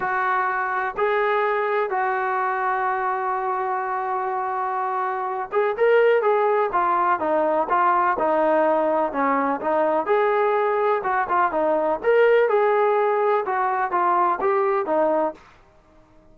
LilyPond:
\new Staff \with { instrumentName = "trombone" } { \time 4/4 \tempo 4 = 125 fis'2 gis'2 | fis'1~ | fis'2.~ fis'8 gis'8 | ais'4 gis'4 f'4 dis'4 |
f'4 dis'2 cis'4 | dis'4 gis'2 fis'8 f'8 | dis'4 ais'4 gis'2 | fis'4 f'4 g'4 dis'4 | }